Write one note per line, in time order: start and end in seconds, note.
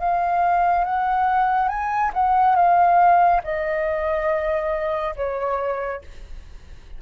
0.00 0.85 F5
0.85 1.69 F#5
1.69 2.12 G#5
2.14 2.56 F#5
2.56 3.42 F5
3.44 5.15 D#5
5.16 6.02 C#5